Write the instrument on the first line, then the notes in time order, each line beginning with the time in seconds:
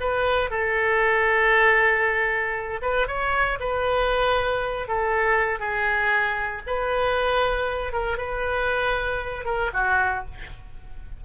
oboe
0.00 B4
0.50 A4
2.82 B4
3.07 C#5
3.60 B4
4.88 A4
5.59 G#4
6.66 B4
7.92 A#4
8.17 B4
9.45 A#4
9.73 F#4